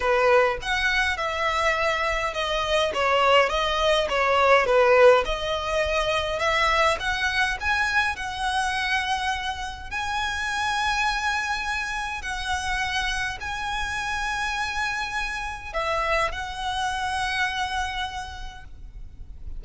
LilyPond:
\new Staff \with { instrumentName = "violin" } { \time 4/4 \tempo 4 = 103 b'4 fis''4 e''2 | dis''4 cis''4 dis''4 cis''4 | b'4 dis''2 e''4 | fis''4 gis''4 fis''2~ |
fis''4 gis''2.~ | gis''4 fis''2 gis''4~ | gis''2. e''4 | fis''1 | }